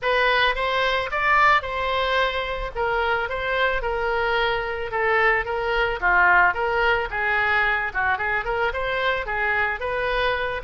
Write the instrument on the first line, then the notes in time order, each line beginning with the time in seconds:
oboe
0.02 B4
0.55 C5
1.11 D5
1.62 C5
2.75 A#4
3.29 C5
3.82 A#4
4.91 A4
5.45 A#4
6.00 F4
6.54 A#4
7.10 G#4
7.93 F#4
8.17 G#4
8.44 A#4
8.73 C5
9.26 G#4
9.80 B4